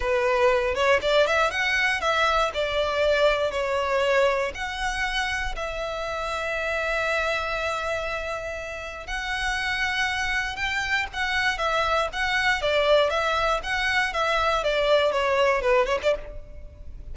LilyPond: \new Staff \with { instrumentName = "violin" } { \time 4/4 \tempo 4 = 119 b'4. cis''8 d''8 e''8 fis''4 | e''4 d''2 cis''4~ | cis''4 fis''2 e''4~ | e''1~ |
e''2 fis''2~ | fis''4 g''4 fis''4 e''4 | fis''4 d''4 e''4 fis''4 | e''4 d''4 cis''4 b'8 cis''16 d''16 | }